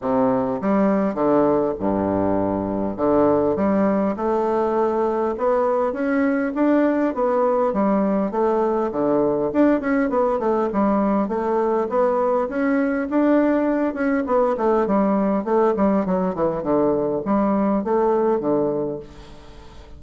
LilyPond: \new Staff \with { instrumentName = "bassoon" } { \time 4/4 \tempo 4 = 101 c4 g4 d4 g,4~ | g,4 d4 g4 a4~ | a4 b4 cis'4 d'4 | b4 g4 a4 d4 |
d'8 cis'8 b8 a8 g4 a4 | b4 cis'4 d'4. cis'8 | b8 a8 g4 a8 g8 fis8 e8 | d4 g4 a4 d4 | }